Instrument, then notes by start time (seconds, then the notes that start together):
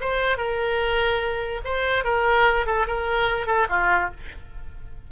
oboe
0.00 C5
0.37 A#4
1.64 C5
2.04 A#4
2.66 A4
2.86 A#4
3.46 A4
3.69 F4